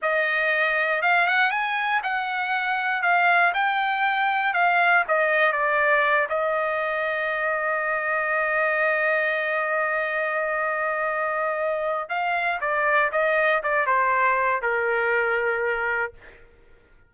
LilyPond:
\new Staff \with { instrumentName = "trumpet" } { \time 4/4 \tempo 4 = 119 dis''2 f''8 fis''8 gis''4 | fis''2 f''4 g''4~ | g''4 f''4 dis''4 d''4~ | d''8 dis''2.~ dis''8~ |
dis''1~ | dis''1 | f''4 d''4 dis''4 d''8 c''8~ | c''4 ais'2. | }